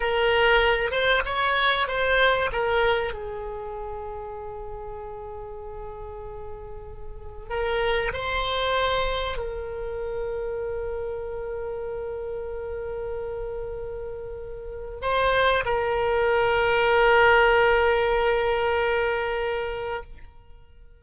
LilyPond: \new Staff \with { instrumentName = "oboe" } { \time 4/4 \tempo 4 = 96 ais'4. c''8 cis''4 c''4 | ais'4 gis'2.~ | gis'1 | ais'4 c''2 ais'4~ |
ais'1~ | ais'1 | c''4 ais'2.~ | ais'1 | }